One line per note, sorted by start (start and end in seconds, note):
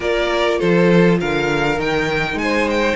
0.00 0.59 A#3
0.00 1.76 F4
0.00 0.59 A#4
0.00 0.59 D5
0.59 1.21 F3
0.59 1.18 A4
0.59 1.19 C5
1.20 1.78 D3
1.20 2.39 A#4
1.20 1.79 F5
1.78 2.34 D#3
1.78 2.95 D#4
1.78 2.38 G5
2.34 2.93 G#3
2.34 2.68 G#5
2.42 2.95 C5
2.69 2.95 G5